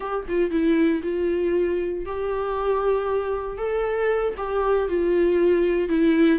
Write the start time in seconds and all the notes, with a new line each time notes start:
0.00 G4
0.28 F4
0.50 E4
1.03 F4
2.05 G4
3.57 A4
4.37 G4
4.88 F4
5.88 E4